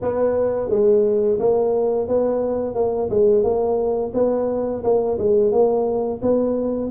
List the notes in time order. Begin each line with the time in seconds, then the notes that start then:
0.01 B3
0.69 G#3
1.39 A#3
2.08 B3
2.74 A#3
3.10 G#3
3.43 A#3
4.14 B3
4.83 A#3
5.18 G#3
5.51 A#3
6.22 B3